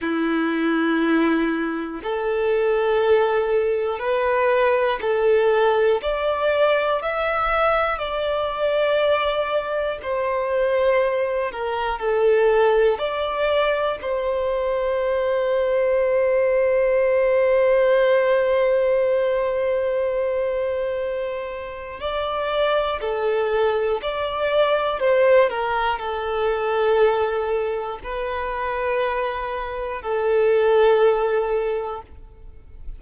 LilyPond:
\new Staff \with { instrumentName = "violin" } { \time 4/4 \tempo 4 = 60 e'2 a'2 | b'4 a'4 d''4 e''4 | d''2 c''4. ais'8 | a'4 d''4 c''2~ |
c''1~ | c''2 d''4 a'4 | d''4 c''8 ais'8 a'2 | b'2 a'2 | }